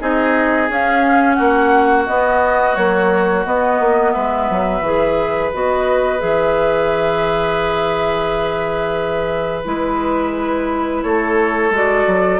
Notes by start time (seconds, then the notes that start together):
0.00 C4 D#4 G#4 D#5
0.70 C#4 F5
1.34 A#3 F#4 F#5
2.07 B3 D#5
2.76 F#3 A#3 C#5
3.46 B3 D#5
3.80 A#3
4.13 G#3 B4 E5
4.50 F#3
4.82 E3 G#4
5.54 B3 F#4 D#5
6.20 E3 G#4 E5
9.65 G#3 E4 B4
11.03 A3 A4 C#5
11.71 G#3 F#4
11.77 D5
12.07 F#3